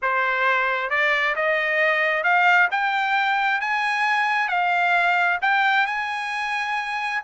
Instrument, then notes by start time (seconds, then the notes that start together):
trumpet
0.02 C5
0.90 D5
1.35 D#5
2.23 F5
2.71 G5
3.60 G#5
4.48 F5
5.41 G5
5.86 G#5